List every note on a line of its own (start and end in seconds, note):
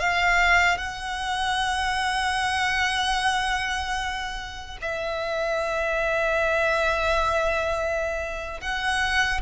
0.00 0.78 F5
0.78 4.78 F#5
4.82 8.61 E5
8.61 9.41 F#5